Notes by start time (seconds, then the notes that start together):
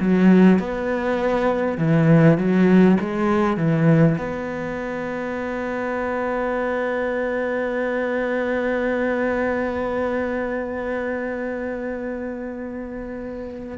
0.00 F#3
0.59 B3
1.78 E3
2.38 F#3
3.00 G#3
3.57 E3
4.18 B3